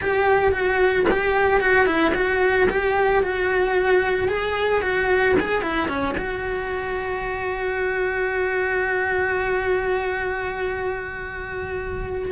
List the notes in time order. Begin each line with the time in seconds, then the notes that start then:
0.01 G4
0.51 F#4
1.10 G4
1.60 F#4
1.86 E4
2.14 F#4
2.69 G4
3.23 F#4
4.28 G#4
4.81 F#4
5.39 G#4
5.62 E4
5.88 C#4
6.17 F#4